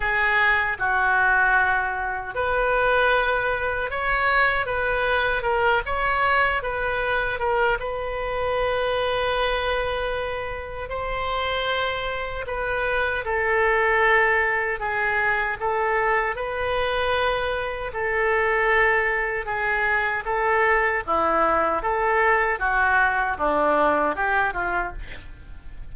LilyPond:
\new Staff \with { instrumentName = "oboe" } { \time 4/4 \tempo 4 = 77 gis'4 fis'2 b'4~ | b'4 cis''4 b'4 ais'8 cis''8~ | cis''8 b'4 ais'8 b'2~ | b'2 c''2 |
b'4 a'2 gis'4 | a'4 b'2 a'4~ | a'4 gis'4 a'4 e'4 | a'4 fis'4 d'4 g'8 f'8 | }